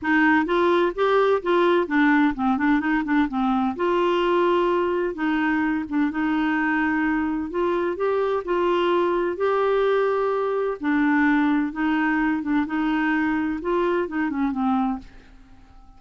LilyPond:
\new Staff \with { instrumentName = "clarinet" } { \time 4/4 \tempo 4 = 128 dis'4 f'4 g'4 f'4 | d'4 c'8 d'8 dis'8 d'8 c'4 | f'2. dis'4~ | dis'8 d'8 dis'2. |
f'4 g'4 f'2 | g'2. d'4~ | d'4 dis'4. d'8 dis'4~ | dis'4 f'4 dis'8 cis'8 c'4 | }